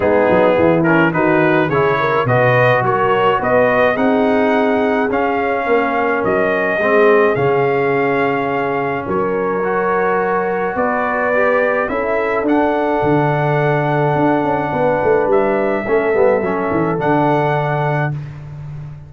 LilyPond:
<<
  \new Staff \with { instrumentName = "trumpet" } { \time 4/4 \tempo 4 = 106 gis'4. ais'8 b'4 cis''4 | dis''4 cis''4 dis''4 fis''4~ | fis''4 f''2 dis''4~ | dis''4 f''2. |
cis''2. d''4~ | d''4 e''4 fis''2~ | fis''2. e''4~ | e''2 fis''2 | }
  \new Staff \with { instrumentName = "horn" } { \time 4/4 dis'4 e'4 fis'4 gis'8 ais'8 | b'4 ais'4 b'4 gis'4~ | gis'2 ais'2 | gis'1 |
ais'2. b'4~ | b'4 a'2.~ | a'2 b'2 | a'1 | }
  \new Staff \with { instrumentName = "trombone" } { \time 4/4 b4. cis'8 dis'4 e'4 | fis'2. dis'4~ | dis'4 cis'2. | c'4 cis'2.~ |
cis'4 fis'2. | g'4 e'4 d'2~ | d'1 | cis'8 b8 cis'4 d'2 | }
  \new Staff \with { instrumentName = "tuba" } { \time 4/4 gis8 fis8 e4 dis4 cis4 | b,4 fis4 b4 c'4~ | c'4 cis'4 ais4 fis4 | gis4 cis2. |
fis2. b4~ | b4 cis'4 d'4 d4~ | d4 d'8 cis'8 b8 a8 g4 | a8 g8 fis8 e8 d2 | }
>>